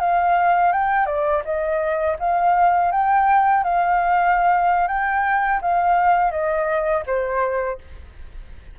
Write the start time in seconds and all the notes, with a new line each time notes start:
0.00 F5
0.73 G5
1.06 D5
1.45 D#5
2.19 F5
2.91 G5
3.64 F5
4.88 G5
5.62 F5
6.31 D#5
7.06 C5